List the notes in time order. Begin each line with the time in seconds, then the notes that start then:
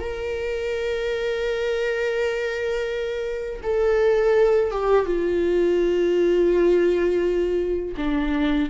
0.00 A#4
3.63 A4
4.71 G4
5.06 F4
7.97 D4